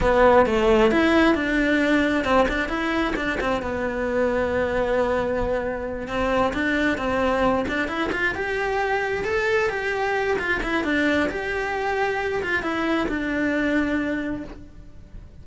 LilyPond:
\new Staff \with { instrumentName = "cello" } { \time 4/4 \tempo 4 = 133 b4 a4 e'4 d'4~ | d'4 c'8 d'8 e'4 d'8 c'8 | b1~ | b4. c'4 d'4 c'8~ |
c'4 d'8 e'8 f'8 g'4.~ | g'8 a'4 g'4. f'8 e'8 | d'4 g'2~ g'8 f'8 | e'4 d'2. | }